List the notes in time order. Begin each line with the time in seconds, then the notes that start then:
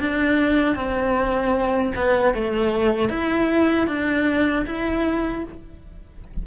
0.00 D4
0.76 C4
1.96 B3
2.34 A3
3.09 E4
3.87 D4
4.66 E4